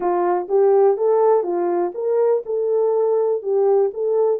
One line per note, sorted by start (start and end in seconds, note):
0.00 0.47 F4
0.48 0.97 G4
0.97 1.43 A4
1.43 1.92 F4
1.94 2.43 A#4
2.45 3.42 A4
3.42 3.91 G4
3.93 4.40 A4